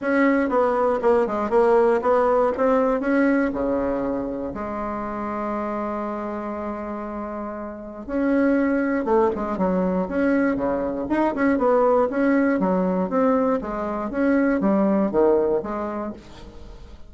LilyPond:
\new Staff \with { instrumentName = "bassoon" } { \time 4/4 \tempo 4 = 119 cis'4 b4 ais8 gis8 ais4 | b4 c'4 cis'4 cis4~ | cis4 gis2.~ | gis1 |
cis'2 a8 gis8 fis4 | cis'4 cis4 dis'8 cis'8 b4 | cis'4 fis4 c'4 gis4 | cis'4 g4 dis4 gis4 | }